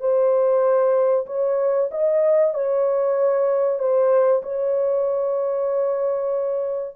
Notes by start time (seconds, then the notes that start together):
0.00 C5
1.27 C#5
1.91 D#5
2.54 C#5
3.80 C5
4.43 C#5